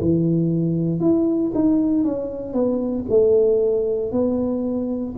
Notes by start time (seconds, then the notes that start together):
0.00 E3
1.00 E4
1.54 D#4
2.04 C#4
2.53 B3
3.09 A3
4.11 B3